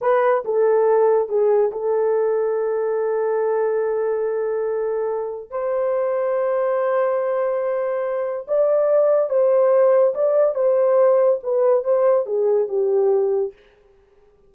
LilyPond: \new Staff \with { instrumentName = "horn" } { \time 4/4 \tempo 4 = 142 b'4 a'2 gis'4 | a'1~ | a'1~ | a'4 c''2.~ |
c''1 | d''2 c''2 | d''4 c''2 b'4 | c''4 gis'4 g'2 | }